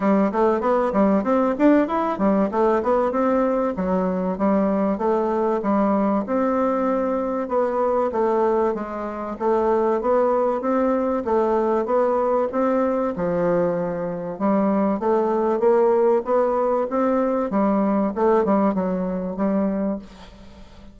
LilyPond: \new Staff \with { instrumentName = "bassoon" } { \time 4/4 \tempo 4 = 96 g8 a8 b8 g8 c'8 d'8 e'8 g8 | a8 b8 c'4 fis4 g4 | a4 g4 c'2 | b4 a4 gis4 a4 |
b4 c'4 a4 b4 | c'4 f2 g4 | a4 ais4 b4 c'4 | g4 a8 g8 fis4 g4 | }